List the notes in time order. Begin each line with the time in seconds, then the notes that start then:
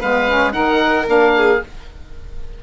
0.00 G#3 B3 B4 F5
0.28 C#4
0.52 D#3 D#4 A#4 F#5
1.06 A#3 D4 F5
1.37 G#4